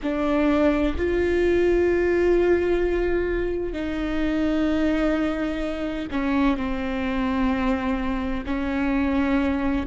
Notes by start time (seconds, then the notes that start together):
0.03 D4
0.97 F4
3.72 D#4
6.11 C#4
6.57 C4
8.45 C#4